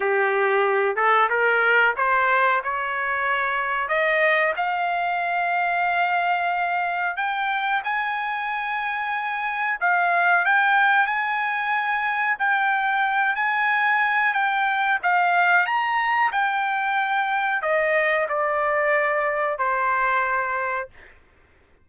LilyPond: \new Staff \with { instrumentName = "trumpet" } { \time 4/4 \tempo 4 = 92 g'4. a'8 ais'4 c''4 | cis''2 dis''4 f''4~ | f''2. g''4 | gis''2. f''4 |
g''4 gis''2 g''4~ | g''8 gis''4. g''4 f''4 | ais''4 g''2 dis''4 | d''2 c''2 | }